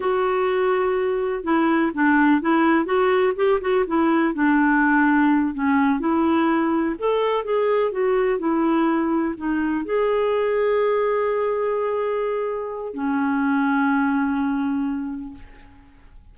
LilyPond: \new Staff \with { instrumentName = "clarinet" } { \time 4/4 \tempo 4 = 125 fis'2. e'4 | d'4 e'4 fis'4 g'8 fis'8 | e'4 d'2~ d'8 cis'8~ | cis'8 e'2 a'4 gis'8~ |
gis'8 fis'4 e'2 dis'8~ | dis'8 gis'2.~ gis'8~ | gis'2. cis'4~ | cis'1 | }